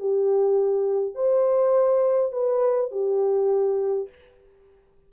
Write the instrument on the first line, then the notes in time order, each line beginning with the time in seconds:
horn
0.00 G4
1.15 C5
2.33 B4
2.92 G4